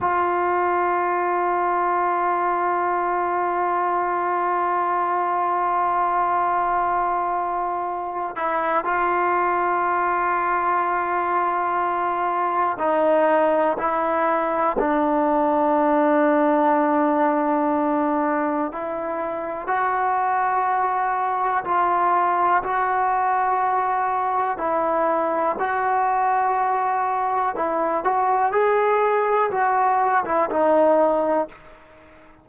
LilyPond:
\new Staff \with { instrumentName = "trombone" } { \time 4/4 \tempo 4 = 61 f'1~ | f'1~ | f'8 e'8 f'2.~ | f'4 dis'4 e'4 d'4~ |
d'2. e'4 | fis'2 f'4 fis'4~ | fis'4 e'4 fis'2 | e'8 fis'8 gis'4 fis'8. e'16 dis'4 | }